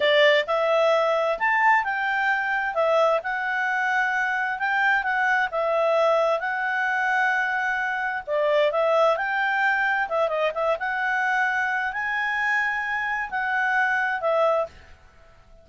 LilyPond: \new Staff \with { instrumentName = "clarinet" } { \time 4/4 \tempo 4 = 131 d''4 e''2 a''4 | g''2 e''4 fis''4~ | fis''2 g''4 fis''4 | e''2 fis''2~ |
fis''2 d''4 e''4 | g''2 e''8 dis''8 e''8 fis''8~ | fis''2 gis''2~ | gis''4 fis''2 e''4 | }